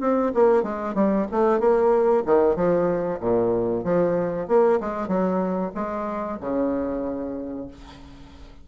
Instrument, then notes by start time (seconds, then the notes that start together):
bassoon
0.00 C4
0.34 A#3
0.63 G#3
0.95 G3
1.31 A3
1.60 A#3
2.26 D#3
2.56 F3
3.20 A#2
3.84 F3
4.48 A#3
4.80 G#3
5.08 F#3
5.74 G#3
6.40 C#3